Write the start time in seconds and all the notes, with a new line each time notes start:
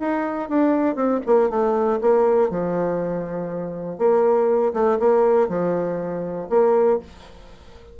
0.00 D#4
0.49 D4
0.95 C4
1.26 A#3
1.50 A3
2.01 A#3
2.50 F3
3.98 A#3
4.74 A3
5.00 A#3
5.49 F3
6.50 A#3